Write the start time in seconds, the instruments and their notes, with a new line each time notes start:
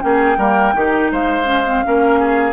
0.00 bassoon A#3, clarinet C#4, oboe G#4, flute G5
0.37 bassoon G3, clarinet A#3, oboe A#4
0.74 bassoon D#3, clarinet D#4, oboe G4
1.12 bassoon G#3, oboe C5, flute F5
1.44 clarinet C#4
1.66 clarinet C4
1.84 bassoon A#3, clarinet C#4, oboe A#4
2.20 oboe G#4